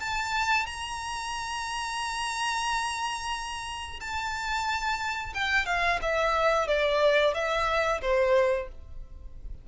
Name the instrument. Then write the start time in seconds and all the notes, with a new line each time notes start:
violin
0.00 A5
0.67 A#5
4.00 A5
5.34 G5
5.66 F5
6.02 E5
6.68 D5
7.35 E5
8.02 C5